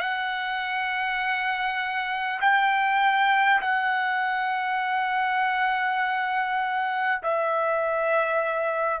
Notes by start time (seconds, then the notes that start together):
0.00 F#5
2.41 G5
3.61 F#5
7.22 E5